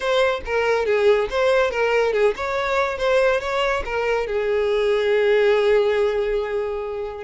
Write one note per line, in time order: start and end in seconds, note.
0.00 0.41 C5
0.45 0.85 A#4
0.85 1.28 G#4
1.30 1.70 C5
1.70 2.13 A#4
2.13 2.34 G#4
2.36 2.98 C#5
2.98 3.40 C5
3.40 3.83 C#5
3.85 4.26 A#4
4.26 7.24 G#4